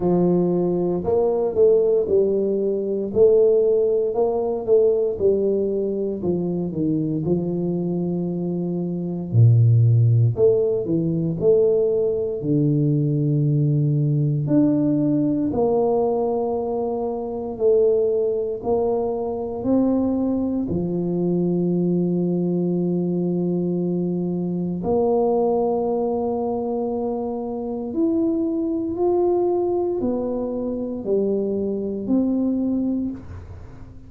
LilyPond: \new Staff \with { instrumentName = "tuba" } { \time 4/4 \tempo 4 = 58 f4 ais8 a8 g4 a4 | ais8 a8 g4 f8 dis8 f4~ | f4 ais,4 a8 e8 a4 | d2 d'4 ais4~ |
ais4 a4 ais4 c'4 | f1 | ais2. e'4 | f'4 b4 g4 c'4 | }